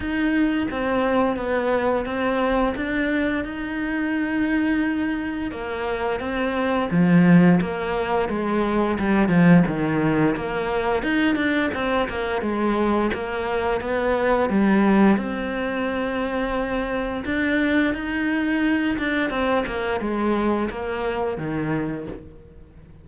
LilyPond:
\new Staff \with { instrumentName = "cello" } { \time 4/4 \tempo 4 = 87 dis'4 c'4 b4 c'4 | d'4 dis'2. | ais4 c'4 f4 ais4 | gis4 g8 f8 dis4 ais4 |
dis'8 d'8 c'8 ais8 gis4 ais4 | b4 g4 c'2~ | c'4 d'4 dis'4. d'8 | c'8 ais8 gis4 ais4 dis4 | }